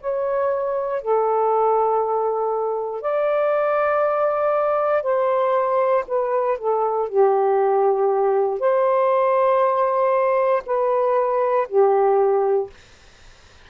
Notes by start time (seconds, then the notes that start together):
0.00 C#5
1.01 A4
3.01 D5
5.02 C5
6.07 B4
6.58 A4
7.09 G4
8.59 C5
10.66 B4
11.68 G4